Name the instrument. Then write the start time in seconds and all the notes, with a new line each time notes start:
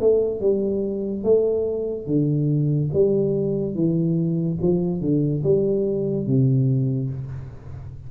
tuba
0.00 A3
0.41 G3
1.23 A3
2.06 D3
2.93 G3
3.75 E3
4.61 F3
5.01 D3
5.43 G3
6.26 C3